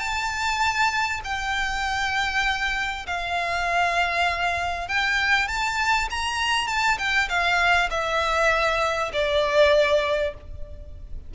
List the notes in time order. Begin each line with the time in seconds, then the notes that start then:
0.00 A5
1.25 G5
3.07 F5
4.89 G5
5.48 A5
6.11 A#5
6.68 A5
6.99 G5
7.29 F5
7.91 E5
9.13 D5